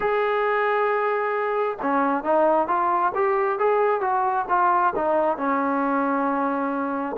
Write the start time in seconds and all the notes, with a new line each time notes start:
0.00 G#4
1.82 C#4
2.23 D#4
2.67 F4
3.14 G4
3.58 G#4
4.01 F#4
4.48 F4
4.95 D#4
5.37 C#4